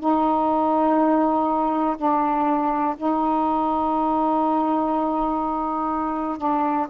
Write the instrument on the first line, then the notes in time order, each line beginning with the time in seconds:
saxophone
0.00 D#4
1.97 D4
2.97 D#4
6.38 D4